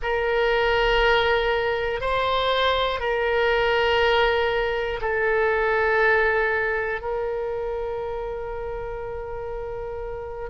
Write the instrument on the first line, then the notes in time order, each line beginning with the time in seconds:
oboe
0.02 A#4
2.00 C5
3.00 A#4
5.01 A4
7.00 A#4